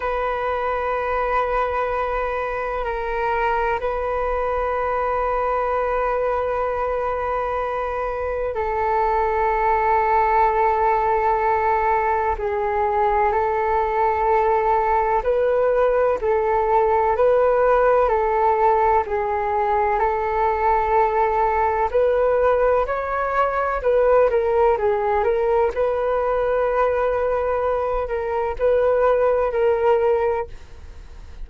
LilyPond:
\new Staff \with { instrumentName = "flute" } { \time 4/4 \tempo 4 = 63 b'2. ais'4 | b'1~ | b'4 a'2.~ | a'4 gis'4 a'2 |
b'4 a'4 b'4 a'4 | gis'4 a'2 b'4 | cis''4 b'8 ais'8 gis'8 ais'8 b'4~ | b'4. ais'8 b'4 ais'4 | }